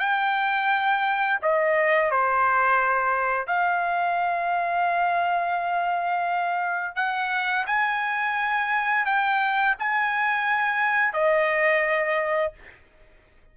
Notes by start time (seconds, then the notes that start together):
0.00 G5
1.42 D#5
2.11 C5
3.47 F5
6.96 F#5
7.67 G#5
9.06 G5
9.79 G#5
11.13 D#5